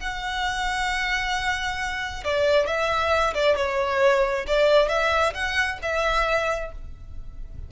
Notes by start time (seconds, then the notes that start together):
0.00 F#5
2.24 D5
2.67 E5
3.34 D5
3.56 C#5
4.47 D5
4.89 E5
5.34 F#5
5.82 E5